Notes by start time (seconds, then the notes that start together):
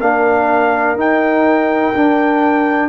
0.00 A#3 D4 A#4 F5
0.94 D#4 G5
1.93 D4